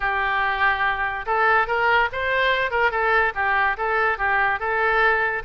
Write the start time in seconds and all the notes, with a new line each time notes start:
0.00 G4
1.26 A4
1.67 A#4
2.12 C5
2.70 A#4
2.91 A4
3.34 G4
3.77 A4
4.18 G4
4.59 A4